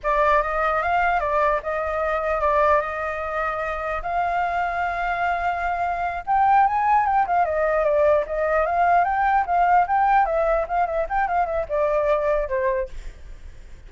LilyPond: \new Staff \with { instrumentName = "flute" } { \time 4/4 \tempo 4 = 149 d''4 dis''4 f''4 d''4 | dis''2 d''4 dis''4~ | dis''2 f''2~ | f''2.~ f''8 g''8~ |
g''8 gis''4 g''8 f''8 dis''4 d''8~ | d''8 dis''4 f''4 g''4 f''8~ | f''8 g''4 e''4 f''8 e''8 g''8 | f''8 e''8 d''2 c''4 | }